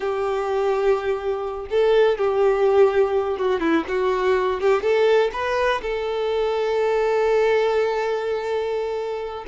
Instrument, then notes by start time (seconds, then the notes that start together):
violin
0.00 G4
1.70 A4
2.18 G4
3.38 F#4
3.60 E4
3.88 F#4
4.60 G4
4.82 A4
5.32 B4
5.82 A4